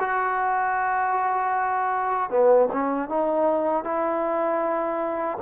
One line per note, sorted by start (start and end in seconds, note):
0.00 2.30 F#4
2.30 2.69 B3
2.73 3.09 C#4
3.09 3.84 D#4
3.84 5.38 E4